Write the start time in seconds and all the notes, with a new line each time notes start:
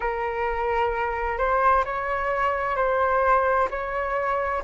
0.00 A#4
1.38 C5
1.85 C#5
2.76 C5
3.70 C#5